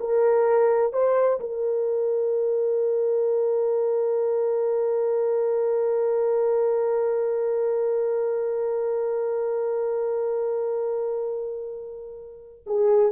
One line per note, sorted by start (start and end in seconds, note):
0.00 0.93 A#4
0.93 1.40 C5
1.40 12.65 A#4
12.66 13.12 G#4